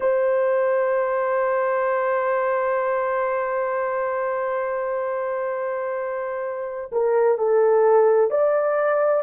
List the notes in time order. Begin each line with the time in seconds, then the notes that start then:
0.00 C5
6.91 A#4
7.38 A4
8.30 D5